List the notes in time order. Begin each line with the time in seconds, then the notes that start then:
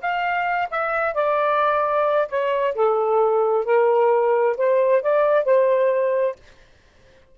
0.00 F5
0.70 E5
1.14 D5
2.28 C#5
2.74 A4
3.65 A#4
4.57 C5
5.02 D5
5.44 C5